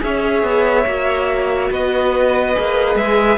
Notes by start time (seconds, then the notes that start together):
0.00 C#4 G#4 C#5 E5
0.43 B3
0.86 A#3 F#4
1.70 B3 B4 D#5
2.54 A#3 G#4
2.95 G#3 E5